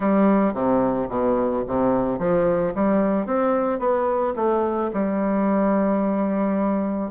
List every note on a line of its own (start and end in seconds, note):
0.00 0.53 G3
0.53 1.08 C3
1.09 1.63 B2
1.67 2.18 C3
2.18 2.73 F3
2.74 3.26 G3
3.26 3.79 C4
3.79 4.33 B3
4.36 4.90 A3
4.93 7.11 G3